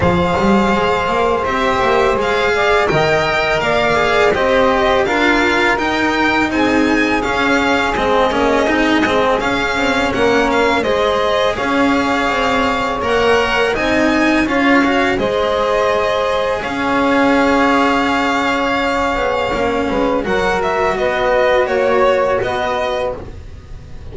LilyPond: <<
  \new Staff \with { instrumentName = "violin" } { \time 4/4 \tempo 4 = 83 f''2 e''4 f''4 | g''4 f''4 dis''4 f''4 | g''4 gis''4 f''4 dis''4~ | dis''4 f''4 fis''8 f''8 dis''4 |
f''2 fis''4 gis''4 | f''4 dis''2 f''4~ | f''1 | fis''8 e''8 dis''4 cis''4 dis''4 | }
  \new Staff \with { instrumentName = "saxophone" } { \time 4/4 c''2.~ c''8 d''8 | dis''4 d''4 c''4 ais'4~ | ais'4 gis'2.~ | gis'2 ais'4 c''4 |
cis''2. dis''4 | cis''4 c''2 cis''4~ | cis''2.~ cis''8 b'8 | ais'4 b'4 cis''4 b'4 | }
  \new Staff \with { instrumentName = "cello" } { \time 4/4 gis'2 g'4 gis'4 | ais'4. gis'8 g'4 f'4 | dis'2 cis'4 c'8 cis'8 | dis'8 c'8 cis'2 gis'4~ |
gis'2 ais'4 dis'4 | f'8 fis'8 gis'2.~ | gis'2. cis'4 | fis'1 | }
  \new Staff \with { instrumentName = "double bass" } { \time 4/4 f8 g8 gis8 ais8 c'8 ais8 gis4 | dis4 ais4 c'4 d'4 | dis'4 c'4 cis'4 gis8 ais8 | c'8 gis8 cis'8 c'8 ais4 gis4 |
cis'4 c'4 ais4 c'4 | cis'4 gis2 cis'4~ | cis'2~ cis'8 b8 ais8 gis8 | fis4 b4 ais4 b4 | }
>>